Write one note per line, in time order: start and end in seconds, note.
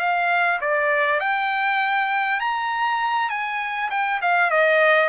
0.00 0.60 F5
0.61 1.21 D5
1.21 2.40 G5
2.40 3.30 A#5
3.30 3.90 G#5
3.91 4.21 G5
4.22 4.51 F5
4.51 5.09 D#5